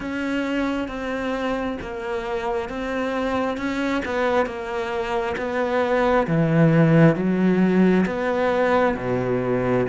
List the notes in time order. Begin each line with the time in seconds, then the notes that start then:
0.00 C#4
0.88 C4
1.81 A#3
2.69 C4
3.57 C#4
4.05 B3
4.46 A#3
5.37 B3
6.27 E3
7.15 F#3
8.06 B3
8.96 B2